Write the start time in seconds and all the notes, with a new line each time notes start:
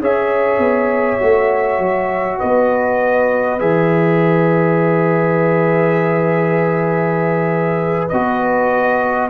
0.00 C#4 G#4 C#5 E5
0.58 B3
1.19 A3 F#4
1.79 F#3
2.39 B3 B4 D#5
3.59 E3 G#4 E5
8.09 B3 F#4 D#5